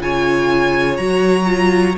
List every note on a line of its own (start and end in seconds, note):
0.00 0.98 C#3
0.00 0.98 F4
0.00 1.98 C#5
0.00 0.97 G#5
0.97 1.97 F#3
0.97 1.46 F#4
0.97 1.95 A#5
1.46 1.95 F4